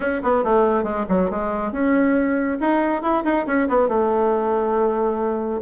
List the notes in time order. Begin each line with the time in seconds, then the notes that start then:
0.00 C#4
0.22 B3
0.43 A3
0.83 G#3
1.08 F#3
1.30 G#3
1.71 C#4
2.60 D#4
3.02 E4
3.24 D#4
3.46 C#4
3.68 B3
3.88 A3